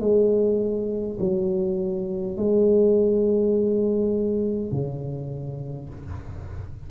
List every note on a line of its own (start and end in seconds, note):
0.00 1.18 G#3
1.20 2.37 F#3
2.37 4.72 G#3
4.72 5.89 C#3